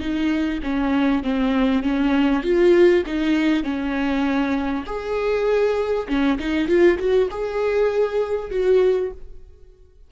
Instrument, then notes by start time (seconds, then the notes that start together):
viola
0.00 D#4
0.63 C#4
1.23 C4
1.83 C#4
2.43 F4
3.07 D#4
3.64 C#4
4.87 G#4
6.08 C#4
6.39 D#4
6.68 F4
6.99 F#4
7.31 G#4
8.51 F#4